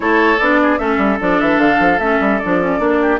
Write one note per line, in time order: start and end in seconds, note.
0.00 0.37 A3
0.00 0.37 E4
0.00 0.61 A4
0.00 0.39 C#5
0.39 0.78 B3
0.39 0.79 D4
0.39 0.78 D5
0.62 0.79 G#4
0.78 0.97 A3
0.78 1.19 C#4
0.78 2.99 A4
0.78 1.18 E5
0.97 1.17 G3
1.19 1.40 F3
1.19 1.99 D4
1.19 1.40 D5
1.40 1.57 E3
1.40 1.60 E5
1.57 1.77 D3
1.57 1.99 F5
1.79 1.98 F3
1.98 2.18 A3
1.98 2.41 C#4
1.98 2.39 E5
2.20 2.40 G3
2.39 2.79 F3
2.39 2.60 D4
2.39 3.19 D5
2.60 2.79 C#4
2.79 3.19 A#3
2.79 3.19 D4
3.01 3.20 G4